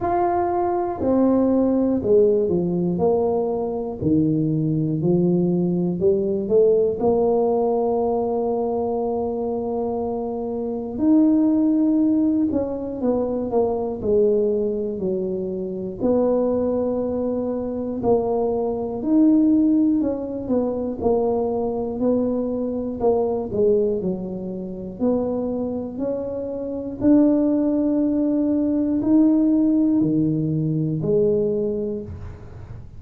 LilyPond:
\new Staff \with { instrumentName = "tuba" } { \time 4/4 \tempo 4 = 60 f'4 c'4 gis8 f8 ais4 | dis4 f4 g8 a8 ais4~ | ais2. dis'4~ | dis'8 cis'8 b8 ais8 gis4 fis4 |
b2 ais4 dis'4 | cis'8 b8 ais4 b4 ais8 gis8 | fis4 b4 cis'4 d'4~ | d'4 dis'4 dis4 gis4 | }